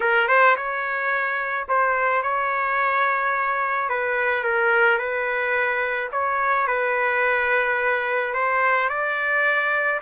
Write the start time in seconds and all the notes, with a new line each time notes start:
0.00 A#4
0.28 C5
0.56 C#5
1.68 C5
2.22 C#5
3.89 B4
4.43 A#4
4.98 B4
6.11 C#5
6.67 B4
8.34 C5
8.89 D5